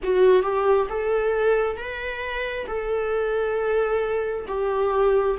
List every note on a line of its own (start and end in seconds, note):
0.02 0.42 F#4
0.42 0.87 G4
0.89 1.76 A4
1.76 2.66 B4
2.67 4.46 A4
4.47 5.37 G4